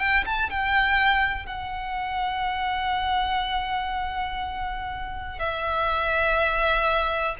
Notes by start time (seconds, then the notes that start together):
0.00 G5
0.26 A5
0.51 G5
1.47 F#5
5.40 E5